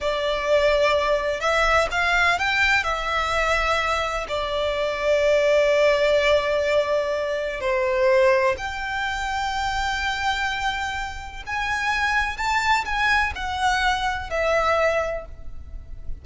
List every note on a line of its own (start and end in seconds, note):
0.00 1.40 D5
1.40 1.88 E5
1.91 2.38 F5
2.38 2.83 G5
2.83 4.26 E5
4.28 7.60 D5
7.60 8.55 C5
8.57 11.43 G5
11.46 12.37 G#5
12.37 12.84 A5
12.85 13.32 G#5
13.35 14.29 F#5
14.29 15.25 E5